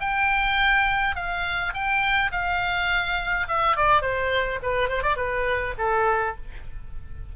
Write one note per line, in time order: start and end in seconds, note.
0.00 1.15 G5
1.15 1.73 F5
1.73 2.31 G5
2.32 3.47 F5
3.48 3.76 E5
3.76 4.01 D5
4.01 4.59 C5
4.62 4.89 B4
4.89 5.03 C5
5.03 5.16 D5
5.16 5.74 B4
5.78 6.36 A4